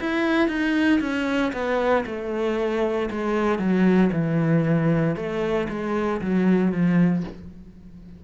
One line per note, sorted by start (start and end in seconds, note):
0.00 0.48 E4
0.48 1.00 D#4
1.01 1.52 C#4
1.53 2.05 B3
2.06 3.09 A3
3.11 3.59 G#3
3.59 4.11 F#3
4.12 5.16 E3
5.16 5.68 A3
5.69 6.21 G#3
6.21 6.72 F#3
6.72 7.24 F3